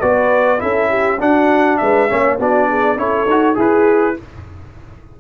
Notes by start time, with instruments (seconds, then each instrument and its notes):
0.00 tuba B3, trombone F#4, horn B4, trumpet D5
0.59 tuba C#4, trombone E4, horn A4, trumpet E5
0.89 horn G4
1.20 trombone D4, tuba D4, horn F#4, trumpet F#5
1.78 tuba G#3, horn B4, trumpet E5
2.09 tuba A#3, trombone C#4, horn C#5
2.39 tuba B3, trombone D4, horn F#4, trumpet D5
2.69 horn G#4
2.97 tuba C#4, trombone E4, horn A4, trumpet C#5
3.26 tuba D#4, trombone F#4
3.55 tuba E4, trombone G#4, horn G#4, trumpet B4